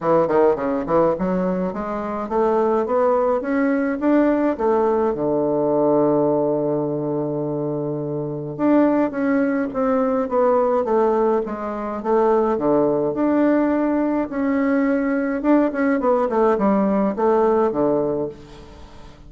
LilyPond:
\new Staff \with { instrumentName = "bassoon" } { \time 4/4 \tempo 4 = 105 e8 dis8 cis8 e8 fis4 gis4 | a4 b4 cis'4 d'4 | a4 d2.~ | d2. d'4 |
cis'4 c'4 b4 a4 | gis4 a4 d4 d'4~ | d'4 cis'2 d'8 cis'8 | b8 a8 g4 a4 d4 | }